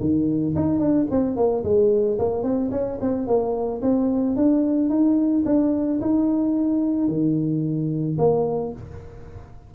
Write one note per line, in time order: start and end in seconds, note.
0.00 0.55 D#3
0.56 0.79 D#4
0.79 1.06 D4
1.10 1.36 C4
1.36 1.63 A#3
1.64 2.18 G#3
2.18 2.43 A#3
2.43 2.70 C4
2.71 2.98 C#4
3.01 3.27 C4
3.27 3.81 A#3
3.82 4.36 C4
4.36 4.89 D4
4.89 5.44 D#4
5.45 6.00 D4
6.01 7.08 D#4
7.08 8.17 D#3
8.18 8.73 A#3